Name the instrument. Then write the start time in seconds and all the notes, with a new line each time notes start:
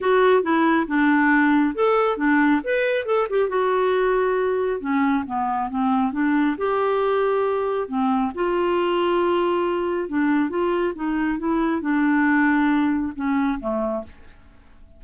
clarinet
0.00 F#4
0.42 E4
0.87 D4
1.75 A4
2.17 D4
2.64 B4
3.05 A4
3.29 G4
3.48 F#4
4.80 C#4
5.26 B3
5.70 C4
6.12 D4
6.57 G4
7.88 C4
8.34 F4
10.08 D4
10.49 F4
10.95 D#4
11.38 E4
11.81 D4
13.15 C#4
13.60 A3